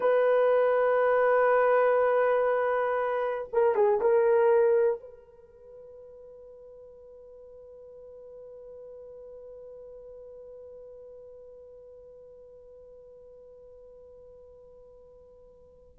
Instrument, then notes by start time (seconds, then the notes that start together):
horn
0.00 B4
3.52 A#4
3.75 G#4
4.00 A#4
5.00 B4